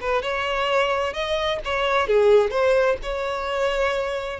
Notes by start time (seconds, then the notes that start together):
0.00 B4
0.22 C#5
1.13 D#5
1.64 C#5
2.07 G#4
2.50 C5
3.02 C#5